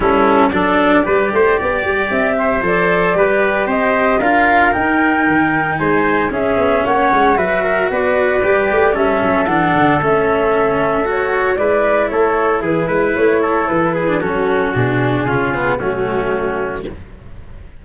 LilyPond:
<<
  \new Staff \with { instrumentName = "flute" } { \time 4/4 \tempo 4 = 114 a'4 d''2. | e''4 d''2 dis''4 | f''4 g''2 gis''4 | e''4 fis''4 e''4 d''4~ |
d''4 e''4 fis''4 e''4~ | e''4 cis''4 d''4 cis''4 | b'4 cis''4 b'4 a'4 | gis'2 fis'2 | }
  \new Staff \with { instrumentName = "trumpet" } { \time 4/4 e'4 a'4 b'8 c''8 d''4~ | d''8 c''4. b'4 c''4 | ais'2. c''4 | gis'4 cis''4 b'8 ais'8 b'4~ |
b'4 a'2.~ | a'2 b'4 a'4 | gis'8 b'4 a'4 gis'8 fis'4~ | fis'4 f'4 cis'2 | }
  \new Staff \with { instrumentName = "cello" } { \time 4/4 cis'4 d'4 g'2~ | g'4 a'4 g'2 | f'4 dis'2. | cis'2 fis'2 |
g'4 cis'4 d'4 cis'4~ | cis'4 fis'4 e'2~ | e'2~ e'8. d'16 cis'4 | d'4 cis'8 b8 a2 | }
  \new Staff \with { instrumentName = "tuba" } { \time 4/4 g4 fis4 g8 a8 b8 g8 | c'4 f4 g4 c'4 | d'4 dis'4 dis4 gis4 | cis'8 b8 ais8 gis8 fis4 b4 |
g8 a8 g8 fis8 e8 d8 a4~ | a2 gis4 a4 | e8 gis8 a4 e4 fis4 | b,4 cis4 fis2 | }
>>